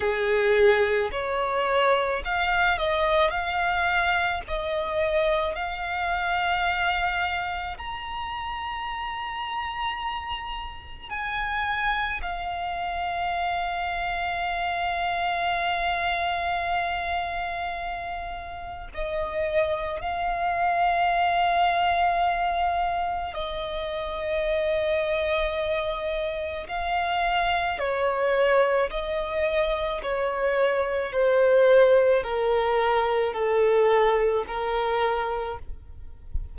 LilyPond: \new Staff \with { instrumentName = "violin" } { \time 4/4 \tempo 4 = 54 gis'4 cis''4 f''8 dis''8 f''4 | dis''4 f''2 ais''4~ | ais''2 gis''4 f''4~ | f''1~ |
f''4 dis''4 f''2~ | f''4 dis''2. | f''4 cis''4 dis''4 cis''4 | c''4 ais'4 a'4 ais'4 | }